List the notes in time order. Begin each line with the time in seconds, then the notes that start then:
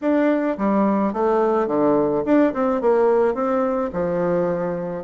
0.01 D4
0.57 G3
1.13 A3
1.67 D3
2.25 D4
2.53 C4
2.81 A#3
3.34 C4
3.92 F3